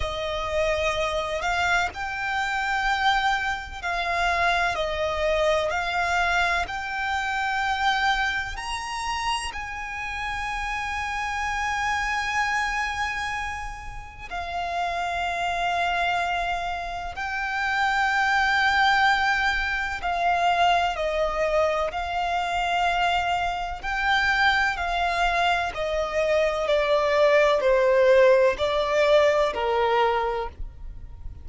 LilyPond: \new Staff \with { instrumentName = "violin" } { \time 4/4 \tempo 4 = 63 dis''4. f''8 g''2 | f''4 dis''4 f''4 g''4~ | g''4 ais''4 gis''2~ | gis''2. f''4~ |
f''2 g''2~ | g''4 f''4 dis''4 f''4~ | f''4 g''4 f''4 dis''4 | d''4 c''4 d''4 ais'4 | }